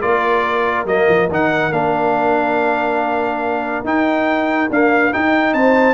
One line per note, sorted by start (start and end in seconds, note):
0.00 0.85 A#3
0.00 0.86 F4
0.00 5.53 A#4
0.00 0.86 D5
0.85 1.06 F#3
0.85 1.29 A#3
0.85 1.29 D#5
1.08 1.29 F3
1.29 1.71 D#3
1.29 1.72 D#4
1.29 1.72 F#5
1.71 3.84 A#3
1.71 3.85 D4
1.71 3.85 F5
3.84 4.69 D#4
3.84 4.70 D#4
3.84 4.71 G5
4.70 5.12 A#3
4.70 5.12 D4
4.70 5.13 F5
5.12 5.94 D#4
5.12 5.54 D#4
5.12 5.53 G5
5.53 5.94 C4
5.53 5.94 C5
5.53 5.94 A5